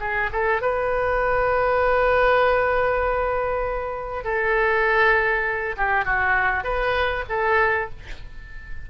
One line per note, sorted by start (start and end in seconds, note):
0.00 0.30 G#4
0.33 0.62 A4
0.62 4.25 B4
4.25 5.76 A4
5.77 6.05 G4
6.05 6.64 F#4
6.64 7.25 B4
7.29 7.90 A4